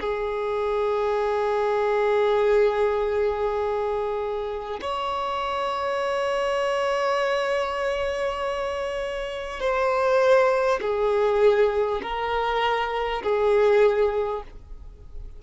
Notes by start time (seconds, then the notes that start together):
0.00 G#4
4.81 C#5
9.60 C5
10.81 G#4
12.02 A#4
13.23 G#4